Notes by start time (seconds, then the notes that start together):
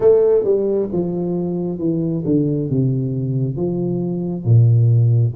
0.00 A3
0.44 G3
0.92 F3
1.78 E3
2.25 D3
2.69 C3
3.56 F3
4.44 A#2